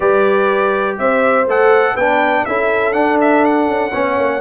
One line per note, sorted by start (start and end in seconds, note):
0.00 0.98 G3
0.00 1.45 G4
0.00 0.98 B4
0.00 0.98 D5
0.98 1.46 C4
0.98 1.94 C5
0.98 1.47 E5
1.46 1.95 A3
1.46 1.98 A4
1.46 1.96 F#5
1.94 2.45 B3
1.94 2.48 D4
1.94 2.43 B4
1.94 2.45 G5
2.45 2.94 C#4
2.45 2.92 E4
2.45 3.93 A4
2.45 2.92 E5
2.92 3.91 D4
2.92 3.67 D4
2.92 3.17 F#5
3.20 3.44 E5
3.44 4.40 F#5
3.67 3.92 C#4
3.93 4.17 B3
3.93 4.40 C#4
3.93 4.40 C#5
4.17 4.40 A#3